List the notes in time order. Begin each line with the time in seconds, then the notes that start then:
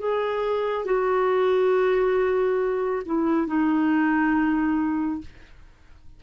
0.00 G#4
0.86 F#4
3.06 E4
3.48 D#4